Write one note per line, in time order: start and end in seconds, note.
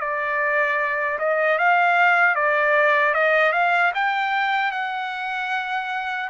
0.00 1.18 D5
1.19 1.58 D#5
1.59 2.35 F5
2.35 3.14 D5
3.14 3.53 D#5
3.53 3.92 F5
3.94 4.72 G5
4.72 6.29 F#5